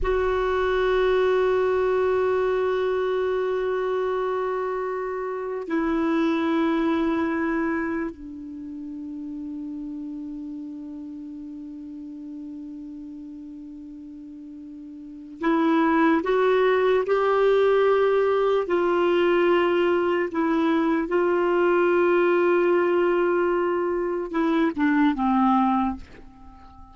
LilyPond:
\new Staff \with { instrumentName = "clarinet" } { \time 4/4 \tempo 4 = 74 fis'1~ | fis'2. e'4~ | e'2 d'2~ | d'1~ |
d'2. e'4 | fis'4 g'2 f'4~ | f'4 e'4 f'2~ | f'2 e'8 d'8 c'4 | }